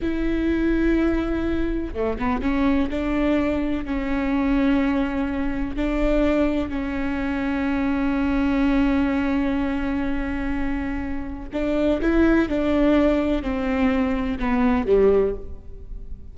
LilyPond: \new Staff \with { instrumentName = "viola" } { \time 4/4 \tempo 4 = 125 e'1 | a8 b8 cis'4 d'2 | cis'1 | d'2 cis'2~ |
cis'1~ | cis'1 | d'4 e'4 d'2 | c'2 b4 g4 | }